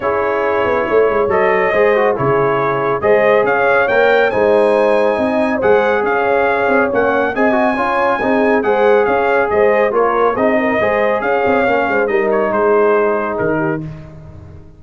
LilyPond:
<<
  \new Staff \with { instrumentName = "trumpet" } { \time 4/4 \tempo 4 = 139 cis''2. dis''4~ | dis''4 cis''2 dis''4 | f''4 g''4 gis''2~ | gis''4 fis''4 f''2 |
fis''4 gis''2. | fis''4 f''4 dis''4 cis''4 | dis''2 f''2 | dis''8 cis''8 c''2 ais'4 | }
  \new Staff \with { instrumentName = "horn" } { \time 4/4 gis'2 cis''2 | c''4 gis'2 c''4 | cis''2 c''2 | dis''4 c''4 cis''2~ |
cis''4 dis''4 cis''4 gis'4 | c''4 cis''4 c''4 ais'4 | gis'8 ais'8 c''4 cis''4. c''8 | ais'4 gis'2~ gis'8 g'8 | }
  \new Staff \with { instrumentName = "trombone" } { \time 4/4 e'2. a'4 | gis'8 fis'8 e'2 gis'4~ | gis'4 ais'4 dis'2~ | dis'4 gis'2. |
cis'4 gis'8 fis'8 f'4 dis'4 | gis'2. f'4 | dis'4 gis'2 cis'4 | dis'1 | }
  \new Staff \with { instrumentName = "tuba" } { \time 4/4 cis'4. b8 a8 gis8 fis4 | gis4 cis2 gis4 | cis'4 ais4 gis2 | c'4 gis4 cis'4. c'8 |
ais4 c'4 cis'4 c'4 | gis4 cis'4 gis4 ais4 | c'4 gis4 cis'8 c'8 ais8 gis8 | g4 gis2 dis4 | }
>>